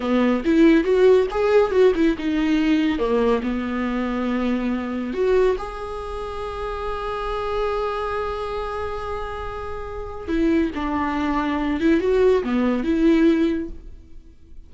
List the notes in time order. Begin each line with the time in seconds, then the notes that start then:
0.00 B3
0.44 E4
0.84 F#4
1.31 G#4
1.71 F#4
1.95 E4
2.17 D#4
2.98 A#3
3.42 B3
5.13 F#4
5.58 G#4
10.28 E4
10.74 D4
11.80 E4
12.00 F#4
12.43 B3
12.83 E4